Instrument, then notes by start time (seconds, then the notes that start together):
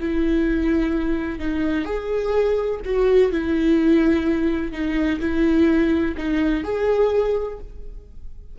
viola
0.00 E4
1.39 D#4
1.85 G#4
2.85 F#4
3.32 E4
4.72 D#4
5.20 E4
6.18 D#4
6.64 G#4